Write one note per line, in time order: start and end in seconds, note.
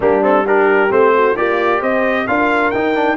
0.00 0.89 G3
0.00 0.21 A#3
0.00 0.45 D4
0.00 0.23 G4
0.21 0.44 C4
0.21 0.46 A4
0.45 0.89 D4
0.45 1.14 G4
0.45 0.91 A#4
0.89 1.36 A3
0.89 1.35 C4
0.89 1.36 C5
1.14 1.36 F#4
1.36 1.81 A#3
1.36 1.79 F4
1.36 2.27 G4
1.36 1.81 D5
1.79 2.27 C4
1.79 2.25 C5
1.79 2.27 D#5
2.27 2.73 D4
2.27 2.73 F4
2.27 3.16 A#4
2.27 2.70 F5
2.70 2.94 D#4
2.70 3.16 D#4
2.70 3.16 G5
2.94 3.16 D4